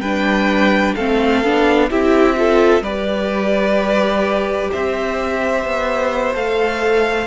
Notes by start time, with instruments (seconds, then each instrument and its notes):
0.00 cello G3, viola D4, violin B4 G5
0.96 cello A3, viola C4, violin A4 F5
1.44 cello B3, viola D4
1.90 cello C4, viola E4, violin G4 E5
2.37 viola F4, violin A4
2.81 cello G3, viola G4, violin B4 D5
4.72 cello C4, violin C5 E5
5.65 cello B3
6.35 cello A3, viola A4, violin F5